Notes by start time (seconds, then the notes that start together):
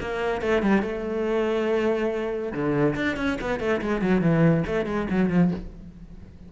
0.00 A#3
0.41 A3
0.62 G3
0.82 A3
2.52 D3
2.95 D4
3.16 C#4
3.40 B3
3.59 A3
3.81 G#3
4.01 F#3
4.21 E3
4.66 A3
4.85 G#3
5.10 F#3
5.29 F3